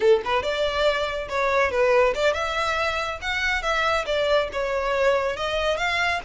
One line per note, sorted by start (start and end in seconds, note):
0.00 0.22 A4
0.25 0.42 B4
0.42 1.28 D5
1.28 1.71 C#5
1.71 2.14 B4
2.14 2.33 D5
2.33 3.19 E5
3.21 3.62 F#5
3.62 4.05 E5
4.05 4.48 D5
4.52 5.36 C#5
5.36 5.77 D#5
5.77 6.20 F5